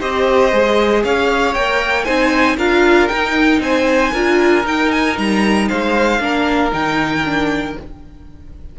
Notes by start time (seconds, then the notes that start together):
0.00 C4 G4 C5 D#5
0.53 G#3 G#4
1.04 C#4 C#5 F5
1.54 A#3 A#4 G5
2.05 C4 D#4 C5 G#5
2.58 D4 F4 A#4 F5
3.09 D#4 G5
3.60 C4 C5 G#5
4.13 D4 F4 A#4
4.65 D#4 G5
4.92 G#5
5.18 G3 A#5
5.69 G#3 C5 F5
6.20 A#3 D4 A#4
6.72 D#3 D#4 G5
7.25 D4